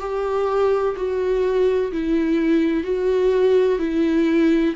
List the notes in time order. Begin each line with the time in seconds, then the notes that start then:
0.00 G4
0.96 F#4
1.92 E4
2.84 F#4
3.79 E4